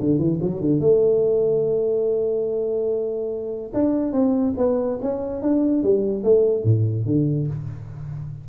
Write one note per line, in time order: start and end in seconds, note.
0.00 0.19 D3
0.19 0.39 E3
0.42 0.61 F#3
0.61 0.80 D3
0.80 3.72 A3
3.73 4.12 D4
4.12 4.54 C4
4.57 4.99 B3
5.02 5.42 C#4
5.42 5.83 D4
5.83 6.24 G3
6.24 6.64 A3
6.64 7.06 A2
7.06 7.47 D3